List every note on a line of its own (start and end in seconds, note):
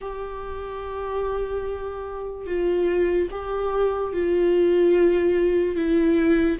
0.01 2.46 G4
2.46 3.28 F4
3.31 4.13 G4
4.13 5.75 F4
5.75 6.58 E4